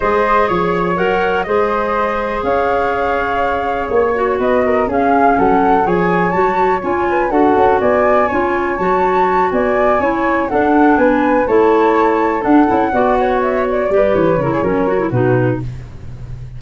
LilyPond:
<<
  \new Staff \with { instrumentName = "flute" } { \time 4/4 \tempo 4 = 123 dis''4 cis''4 fis''4 dis''4~ | dis''4 f''2. | cis''4 dis''4 f''4 fis''4 | gis''4 a''4 gis''4 fis''4 |
gis''2 a''4. gis''8~ | gis''4. fis''4 gis''4 a''8~ | a''4. fis''2 e''8 | d''4 cis''2 b'4 | }
  \new Staff \with { instrumentName = "flute" } { \time 4/4 c''4 cis''2 c''4~ | c''4 cis''2.~ | cis''4 b'8 ais'8 gis'4 a'4 | cis''2~ cis''8 b'8 a'4 |
d''4 cis''2~ cis''8 d''8~ | d''8 cis''4 a'4 b'4 cis''8~ | cis''4. a'4 d''8 cis''4~ | cis''8 b'4 ais'16 gis'16 ais'4 fis'4 | }
  \new Staff \with { instrumentName = "clarinet" } { \time 4/4 gis'2 ais'4 gis'4~ | gis'1~ | gis'8 fis'4. cis'2 | gis'4 fis'4 f'4 fis'4~ |
fis'4 f'4 fis'2~ | fis'8 e'4 d'2 e'8~ | e'4. d'8 e'8 fis'4.~ | fis'8 g'4 e'8 cis'8 fis'16 e'16 dis'4 | }
  \new Staff \with { instrumentName = "tuba" } { \time 4/4 gis4 f4 fis4 gis4~ | gis4 cis'2. | ais4 b4 cis'4 fis4 | f4 fis4 cis'4 d'8 cis'8 |
b4 cis'4 fis4. b8~ | b8 cis'4 d'4 b4 a8~ | a4. d'8 cis'8 b4.~ | b8 g8 e8 cis8 fis4 b,4 | }
>>